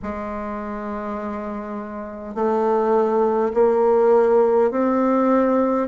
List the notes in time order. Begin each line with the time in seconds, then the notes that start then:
0.02 G#3
2.35 A3
3.53 A#3
4.71 C4